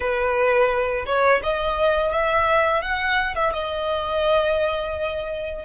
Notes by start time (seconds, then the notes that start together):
0.00 B4
1.06 C#5
1.43 D#5
2.12 E5
2.82 F#5
3.35 E5
3.53 D#5